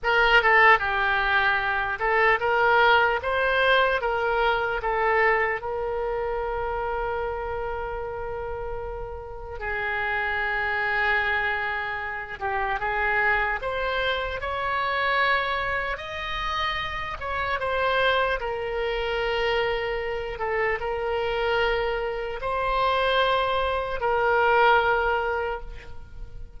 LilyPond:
\new Staff \with { instrumentName = "oboe" } { \time 4/4 \tempo 4 = 75 ais'8 a'8 g'4. a'8 ais'4 | c''4 ais'4 a'4 ais'4~ | ais'1 | gis'2.~ gis'8 g'8 |
gis'4 c''4 cis''2 | dis''4. cis''8 c''4 ais'4~ | ais'4. a'8 ais'2 | c''2 ais'2 | }